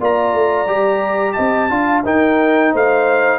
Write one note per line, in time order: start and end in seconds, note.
0.00 0.33 A#3
0.00 0.67 F4
0.00 1.35 D5
0.00 1.33 A#5
0.33 0.67 A3
0.67 1.35 G3
0.67 1.70 G4
1.33 1.70 C4
1.33 1.69 D#5
1.33 2.01 A5
1.70 2.04 D4
1.70 2.04 F4
1.70 2.04 F5
2.04 2.73 D#4
2.04 3.39 D#4
2.04 2.72 A#4
2.04 2.74 G5
2.72 3.39 A3
2.72 3.39 C5
2.72 3.39 F5